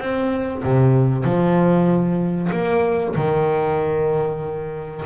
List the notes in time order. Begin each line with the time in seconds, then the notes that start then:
0.00 C4
0.64 C3
1.25 F3
2.52 A#3
3.16 D#3